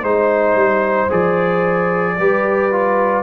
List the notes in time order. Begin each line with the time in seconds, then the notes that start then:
0.00 G#3 D#4 C5
0.55 G3
1.10 F3 G#4 D5
2.19 G3 G4 B4
2.72 F4